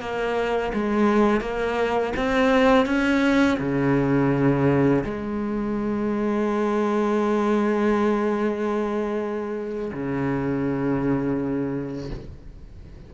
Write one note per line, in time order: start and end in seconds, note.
0.00 0.72 A#3
0.73 1.41 G#3
1.41 2.13 A#3
2.16 2.86 C4
2.86 3.58 C#4
3.59 5.03 C#3
5.04 9.92 G#3
9.93 12.10 C#3